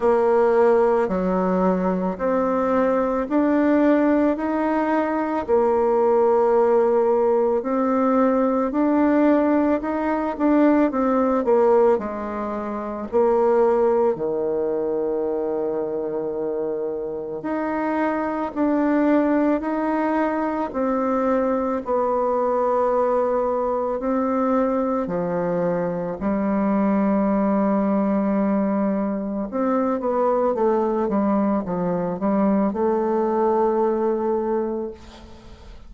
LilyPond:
\new Staff \with { instrumentName = "bassoon" } { \time 4/4 \tempo 4 = 55 ais4 fis4 c'4 d'4 | dis'4 ais2 c'4 | d'4 dis'8 d'8 c'8 ais8 gis4 | ais4 dis2. |
dis'4 d'4 dis'4 c'4 | b2 c'4 f4 | g2. c'8 b8 | a8 g8 f8 g8 a2 | }